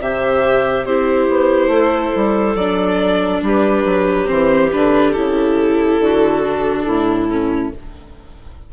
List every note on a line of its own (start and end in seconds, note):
0.00 0.85 C3
0.00 0.87 G4
0.00 0.86 C5
0.00 0.85 E5
0.85 1.27 C4
0.85 2.59 E4
0.85 1.71 G4
0.85 2.56 C5
1.29 1.67 B3
1.67 2.10 A3
1.67 3.43 A4
2.15 2.55 G3
2.55 3.41 F#3
2.55 4.25 D4
2.55 3.42 D5
3.41 3.84 G3
3.41 6.01 G4
3.47 4.26 B4
3.85 4.27 F#3
4.25 4.72 E3
4.25 4.68 C4
4.25 4.69 C5
4.72 5.16 D3
4.72 5.16 D4
4.72 5.12 B4
5.12 5.99 C#3
5.12 6.43 E4
5.12 7.69 A4
5.99 6.85 D3
5.99 6.85 F#4
6.43 7.29 D4
6.85 7.73 A2
6.85 7.70 E4
7.30 7.72 C#4